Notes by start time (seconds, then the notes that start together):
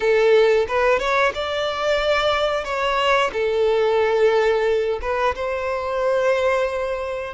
0.00 A4
0.68 B4
0.99 C#5
1.34 D5
2.64 C#5
3.32 A4
5.01 B4
5.35 C5